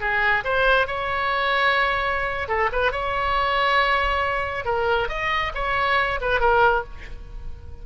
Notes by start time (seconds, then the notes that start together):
0.00 G#4
0.44 C5
0.87 C#5
2.48 A4
2.72 B4
2.92 C#5
4.65 A#4
5.08 D#5
5.54 C#5
6.21 B4
6.40 A#4